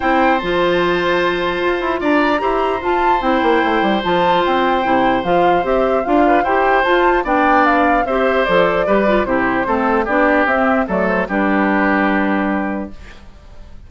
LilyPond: <<
  \new Staff \with { instrumentName = "flute" } { \time 4/4 \tempo 4 = 149 g''4 a''2.~ | a''4 ais''2 a''4 | g''2 a''4 g''4~ | g''4 f''4 e''4 f''4 |
g''4 a''4 g''4 f''4 | e''4 d''2 c''4~ | c''4 d''4 e''4 d''8 c''8 | b'1 | }
  \new Staff \with { instrumentName = "oboe" } { \time 4/4 c''1~ | c''4 d''4 c''2~ | c''1~ | c''2.~ c''8 b'8 |
c''2 d''2 | c''2 b'4 g'4 | a'4 g'2 a'4 | g'1 | }
  \new Staff \with { instrumentName = "clarinet" } { \time 4/4 e'4 f'2.~ | f'2 g'4 f'4 | e'2 f'2 | e'4 f'4 g'4 f'4 |
g'4 f'4 d'2 | g'4 a'4 g'8 f'8 e'4 | c'4 d'4 c'4 a4 | d'1 | }
  \new Staff \with { instrumentName = "bassoon" } { \time 4/4 c'4 f2. | f'8 e'8 d'4 e'4 f'4 | c'8 ais8 a8 g8 f4 c'4 | c4 f4 c'4 d'4 |
e'4 f'4 b2 | c'4 f4 g4 c4 | a4 b4 c'4 fis4 | g1 | }
>>